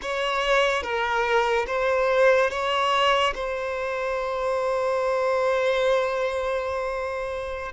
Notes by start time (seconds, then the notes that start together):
0.02 C#5
0.82 A#4
1.67 C5
2.50 C#5
3.34 C5